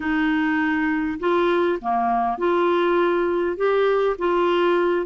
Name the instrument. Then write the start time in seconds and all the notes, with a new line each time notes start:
clarinet
0.00 D#4
1.19 F4
1.81 A#3
2.38 F4
3.56 G4
4.18 F4